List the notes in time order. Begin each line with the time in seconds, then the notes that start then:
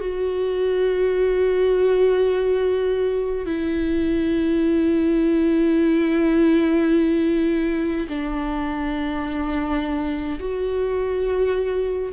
0.00 F#4
3.46 E4
8.08 D4
10.40 F#4